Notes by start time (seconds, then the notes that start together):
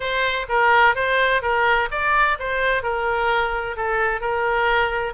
0.00 C5
0.49 A#4
0.95 C5
1.41 A#4
1.91 D5
2.39 C5
2.82 A#4
3.76 A4
4.20 A#4